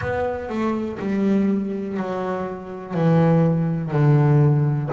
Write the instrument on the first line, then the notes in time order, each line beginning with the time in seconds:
double bass
0.00 B3
0.49 A3
0.99 G3
1.97 F#3
2.93 E3
3.91 D3